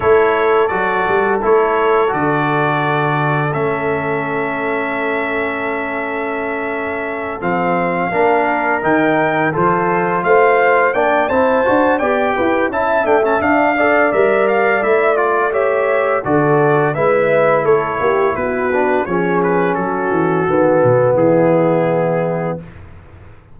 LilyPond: <<
  \new Staff \with { instrumentName = "trumpet" } { \time 4/4 \tempo 4 = 85 cis''4 d''4 cis''4 d''4~ | d''4 e''2.~ | e''2~ e''8 f''4.~ | f''8 g''4 c''4 f''4 g''8 |
a''4 g''4 a''8 g''16 a''16 f''4 | e''8 f''8 e''8 d''8 e''4 d''4 | e''4 cis''4 b'4 cis''8 b'8 | a'2 gis'2 | }
  \new Staff \with { instrumentName = "horn" } { \time 4/4 a'1~ | a'1~ | a'2.~ a'8 ais'8~ | ais'4. a'4 c''4 d''8 |
c''4 d''8 b'8 e''4. d''8~ | d''2 cis''4 a'4 | b'4 a'8 g'8 fis'4 gis'4 | fis'2 e'2 | }
  \new Staff \with { instrumentName = "trombone" } { \time 4/4 e'4 fis'4 e'4 fis'4~ | fis'4 cis'2.~ | cis'2~ cis'8 c'4 d'8~ | d'8 dis'4 f'2 d'8 |
e'8 fis'8 g'4 e'8 d'16 cis'16 d'8 a'8 | ais'4 e'8 f'8 g'4 fis'4 | e'2~ e'8 d'8 cis'4~ | cis'4 b2. | }
  \new Staff \with { instrumentName = "tuba" } { \time 4/4 a4 fis8 g8 a4 d4~ | d4 a2.~ | a2~ a8 f4 ais8~ | ais8 dis4 f4 a4 ais8 |
c'8 d'8 b8 e'8 cis'8 a8 d'4 | g4 a2 d4 | gis4 a8 ais8 b4 f4 | fis8 e8 dis8 b,8 e2 | }
>>